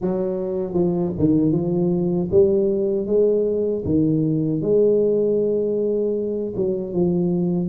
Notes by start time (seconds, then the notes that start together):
0.01 F#3
0.73 F3
1.19 D#3
1.52 F3
2.31 G3
3.06 G#3
3.85 D#3
4.61 G#3
6.56 F#3
6.93 F3